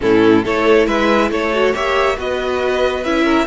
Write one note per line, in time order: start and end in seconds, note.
0.00 0.45 A2
0.00 0.44 C#4
0.00 0.44 E4
0.00 0.44 A4
0.44 0.87 A3
0.44 1.53 E4
0.44 0.86 A4
0.44 0.86 C#5
0.86 1.30 G#3
0.86 1.30 B4
0.86 1.30 E5
1.30 1.73 A3
1.30 1.73 A4
1.30 1.74 C#5
1.53 1.73 F#4
1.73 2.17 A#3
1.73 2.16 G4
1.73 2.17 C#5
1.73 2.18 E5
2.17 3.04 B3
2.17 3.04 F#4
2.17 3.24 B4
2.17 3.04 D#5
3.04 3.46 C#4
3.04 3.46 E4
3.04 3.46 E5
3.24 3.45 A#4